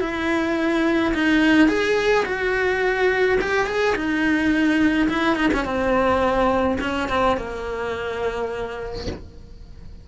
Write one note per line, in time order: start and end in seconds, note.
0.00 1.13 E4
1.14 1.68 D#4
1.68 2.25 G#4
2.25 3.38 F#4
3.41 3.67 G4
3.67 3.95 G#4
3.95 5.09 D#4
5.09 5.36 E4
5.36 5.50 D#4
5.54 5.65 C#4
5.65 6.78 C4
6.81 7.09 C#4
7.09 7.37 C4
7.37 9.07 A#3